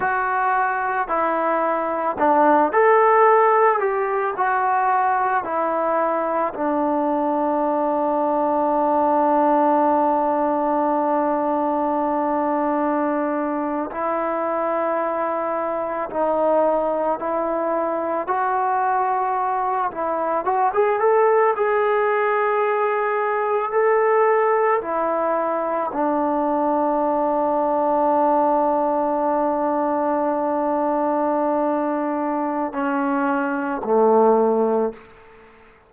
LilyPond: \new Staff \with { instrumentName = "trombone" } { \time 4/4 \tempo 4 = 55 fis'4 e'4 d'8 a'4 g'8 | fis'4 e'4 d'2~ | d'1~ | d'8. e'2 dis'4 e'16~ |
e'8. fis'4. e'8 fis'16 gis'16 a'8 gis'16~ | gis'4.~ gis'16 a'4 e'4 d'16~ | d'1~ | d'2 cis'4 a4 | }